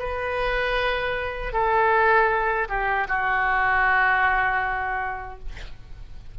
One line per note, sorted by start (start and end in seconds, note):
0.00 1.53 B4
1.53 2.69 A4
2.69 3.08 G4
3.09 5.40 F#4